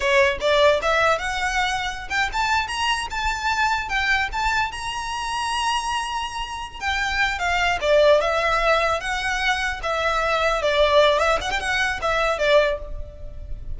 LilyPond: \new Staff \with { instrumentName = "violin" } { \time 4/4 \tempo 4 = 150 cis''4 d''4 e''4 fis''4~ | fis''4~ fis''16 g''8 a''4 ais''4 a''16~ | a''4.~ a''16 g''4 a''4 ais''16~ | ais''1~ |
ais''4 g''4. f''4 d''8~ | d''8 e''2 fis''4.~ | fis''8 e''2 d''4. | e''8 fis''16 g''16 fis''4 e''4 d''4 | }